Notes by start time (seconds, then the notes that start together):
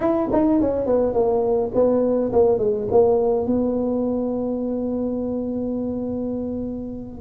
0.00 E4
0.32 D#4
0.61 C#4
0.85 B3
1.13 A#3
1.74 B3
2.32 A#3
2.58 G#3
2.91 A#3
3.46 B3